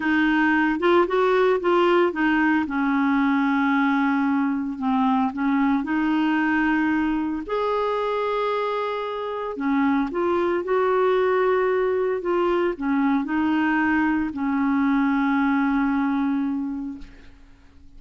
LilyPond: \new Staff \with { instrumentName = "clarinet" } { \time 4/4 \tempo 4 = 113 dis'4. f'8 fis'4 f'4 | dis'4 cis'2.~ | cis'4 c'4 cis'4 dis'4~ | dis'2 gis'2~ |
gis'2 cis'4 f'4 | fis'2. f'4 | cis'4 dis'2 cis'4~ | cis'1 | }